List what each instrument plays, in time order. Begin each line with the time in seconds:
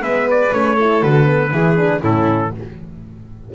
0.00 double bass G#3, horn B3, violin B4, trumpet E5
0.30 trumpet D5
0.52 double bass A3, horn C#4, trumpet C#5
0.76 horn E4, violin A4
1.02 double bass D3, horn F#4, trumpet B4
1.26 horn B3
1.52 double bass E3, horn E4, violin G#4
1.77 horn D4
2.01 double bass A2, horn C#4, violin E4, trumpet A4